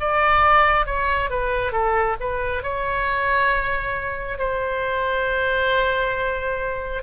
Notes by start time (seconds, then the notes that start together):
0.00 D5
0.86 C#5
1.30 B4
1.72 A4
2.20 B4
2.63 C#5
4.38 C5